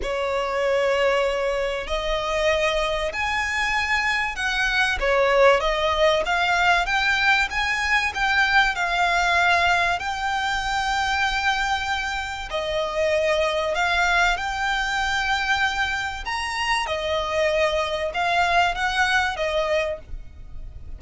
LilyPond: \new Staff \with { instrumentName = "violin" } { \time 4/4 \tempo 4 = 96 cis''2. dis''4~ | dis''4 gis''2 fis''4 | cis''4 dis''4 f''4 g''4 | gis''4 g''4 f''2 |
g''1 | dis''2 f''4 g''4~ | g''2 ais''4 dis''4~ | dis''4 f''4 fis''4 dis''4 | }